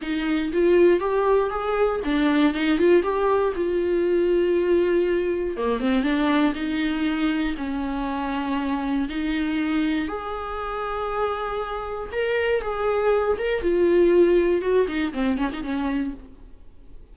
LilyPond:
\new Staff \with { instrumentName = "viola" } { \time 4/4 \tempo 4 = 119 dis'4 f'4 g'4 gis'4 | d'4 dis'8 f'8 g'4 f'4~ | f'2. ais8 c'8 | d'4 dis'2 cis'4~ |
cis'2 dis'2 | gis'1 | ais'4 gis'4. ais'8 f'4~ | f'4 fis'8 dis'8 c'8 cis'16 dis'16 cis'4 | }